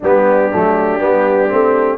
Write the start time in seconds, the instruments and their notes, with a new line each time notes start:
0.00 tuba G3, trombone B3, horn D4, trumpet G4
0.51 tuba F#3, trombone A3
0.99 tuba G3, trombone B3
1.49 tuba A3, trombone C4